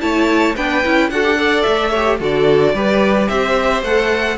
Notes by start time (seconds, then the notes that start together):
0.00 A3 E4 C#5 A5
0.55 B3 D4 B4 G5
0.84 C#4 E4
1.10 D4 F#4 A4 F#5
1.24 G4
1.37 A4 D5
1.62 A3 E5
1.90 G4 C#5
2.20 D3 F#4 A4 D5
2.73 G3 G4 B4
3.28 C4 C5 E5
3.82 A3 A4 F#5